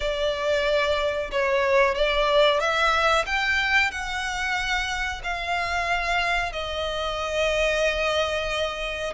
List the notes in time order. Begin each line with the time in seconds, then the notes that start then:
0.00 D5
1.31 C#5
1.94 D5
2.60 E5
3.25 G5
3.91 F#5
5.23 F5
6.52 D#5